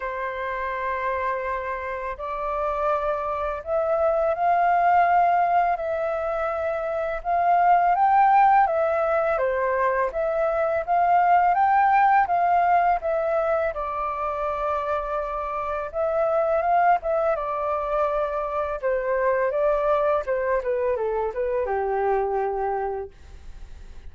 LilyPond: \new Staff \with { instrumentName = "flute" } { \time 4/4 \tempo 4 = 83 c''2. d''4~ | d''4 e''4 f''2 | e''2 f''4 g''4 | e''4 c''4 e''4 f''4 |
g''4 f''4 e''4 d''4~ | d''2 e''4 f''8 e''8 | d''2 c''4 d''4 | c''8 b'8 a'8 b'8 g'2 | }